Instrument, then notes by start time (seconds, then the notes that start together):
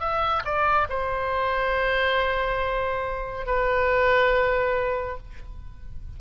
oboe
0.00 E5
0.44 D5
0.89 C5
3.46 B4